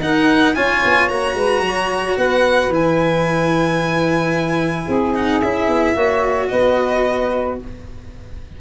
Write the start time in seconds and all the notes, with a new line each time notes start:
0.00 D#4 A#4 F#5
0.55 C#4 F4 C#5 G#5
0.84 B3
1.08 A#3 F#4 A#5
1.34 G#3 B4
1.60 F#3 C#5
2.17 B3 B4 F#5
2.69 E3 E4 G#5
4.86 C4 G#4
5.14 D#4 F#5
5.41 C#4 E4 E5
5.68 B3
5.94 A#3 F#4 C#5
6.48 B3 B4 D#5